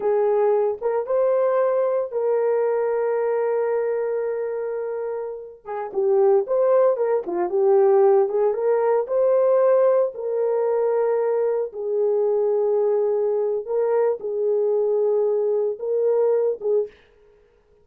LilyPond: \new Staff \with { instrumentName = "horn" } { \time 4/4 \tempo 4 = 114 gis'4. ais'8 c''2 | ais'1~ | ais'2~ ais'8. gis'8 g'8.~ | g'16 c''4 ais'8 f'8 g'4. gis'16~ |
gis'16 ais'4 c''2 ais'8.~ | ais'2~ ais'16 gis'4.~ gis'16~ | gis'2 ais'4 gis'4~ | gis'2 ais'4. gis'8 | }